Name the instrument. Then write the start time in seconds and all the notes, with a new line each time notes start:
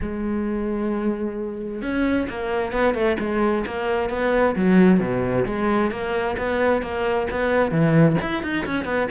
cello
0.01 G#3
1.82 C#4
2.29 A#3
2.72 B3
2.94 A3
3.19 G#3
3.66 A#3
4.09 B3
4.55 F#3
5.00 B2
5.45 G#3
5.91 A#3
6.37 B3
6.81 A#3
7.31 B3
7.71 E3
8.21 E4
8.42 D#4
8.66 C#4
8.84 B3